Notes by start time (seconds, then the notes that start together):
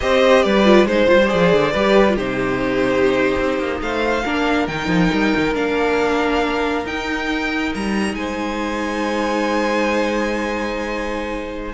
0.00 C4 G4 C5 D#5
0.42 G3 B4 D5
0.65 F4
0.85 G#3 D#4 C5
1.07 G3 F4
1.23 G4 G#4 D5
1.33 F3
1.52 D3
1.72 G3 G4 B4
2.09 F4
2.15 C3 D#4 G4 C5
3.38 C4
3.58 A#3
3.80 A3 C5 F5
4.24 A#3 D4 A#4
4.67 D#3 D#4 G5
4.87 F3
5.12 G3
5.36 D#3
5.54 A#3 D4 F5
6.84 D#4 G5
7.74 G3 A#5
8.13 G#3 C5 G#5